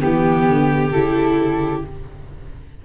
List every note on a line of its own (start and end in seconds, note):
0.00 0.48 E3
0.00 0.91 B3
0.00 0.91 G4
0.00 1.85 G4
0.48 0.92 D3
0.91 1.83 C#3
0.91 1.85 E4
0.91 1.82 A4